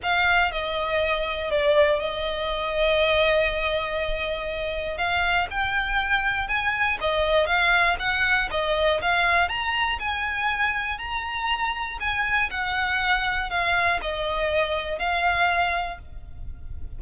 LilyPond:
\new Staff \with { instrumentName = "violin" } { \time 4/4 \tempo 4 = 120 f''4 dis''2 d''4 | dis''1~ | dis''2 f''4 g''4~ | g''4 gis''4 dis''4 f''4 |
fis''4 dis''4 f''4 ais''4 | gis''2 ais''2 | gis''4 fis''2 f''4 | dis''2 f''2 | }